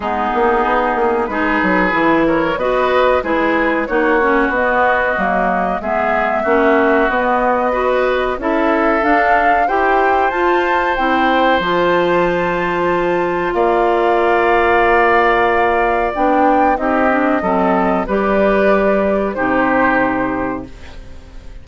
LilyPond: <<
  \new Staff \with { instrumentName = "flute" } { \time 4/4 \tempo 4 = 93 gis'2 b'4. cis''8 | dis''4 b'4 cis''4 dis''4~ | dis''4 e''2 dis''4~ | dis''4 e''4 f''4 g''4 |
a''4 g''4 a''2~ | a''4 f''2.~ | f''4 g''4 dis''2 | d''2 c''2 | }
  \new Staff \with { instrumentName = "oboe" } { \time 4/4 dis'2 gis'4. ais'8 | b'4 gis'4 fis'2~ | fis'4 gis'4 fis'2 | b'4 a'2 c''4~ |
c''1~ | c''4 d''2.~ | d''2 g'4 a'4 | b'2 g'2 | }
  \new Staff \with { instrumentName = "clarinet" } { \time 4/4 b2 dis'4 e'4 | fis'4 e'4 dis'8 cis'8 b4 | ais4 b4 cis'4 b4 | fis'4 e'4 d'4 g'4 |
f'4 e'4 f'2~ | f'1~ | f'4 d'4 dis'8 d'8 c'4 | g'2 dis'2 | }
  \new Staff \with { instrumentName = "bassoon" } { \time 4/4 gis8 ais8 b8 ais8 gis8 fis8 e4 | b4 gis4 ais4 b4 | fis4 gis4 ais4 b4~ | b4 cis'4 d'4 e'4 |
f'4 c'4 f2~ | f4 ais2.~ | ais4 b4 c'4 fis4 | g2 c2 | }
>>